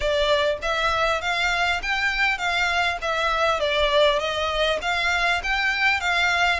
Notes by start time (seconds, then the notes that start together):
0.00 D5
0.62 E5
1.21 F5
1.82 G5
2.38 F5
3.01 E5
3.60 D5
4.19 D#5
4.81 F5
5.43 G5
6.00 F5